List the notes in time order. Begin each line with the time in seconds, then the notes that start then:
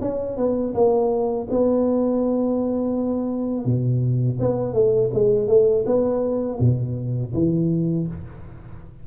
0.00 C#4
0.37 B3
0.74 A#3
1.50 B3
3.65 B2
4.40 B3
4.73 A3
5.13 G#3
5.48 A3
5.85 B3
6.60 B2
7.33 E3